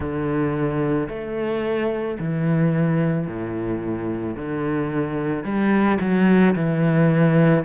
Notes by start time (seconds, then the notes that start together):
0.00 D3
1.09 A3
2.19 E3
3.27 A2
4.36 D3
5.43 G3
6.00 F#3
6.55 E3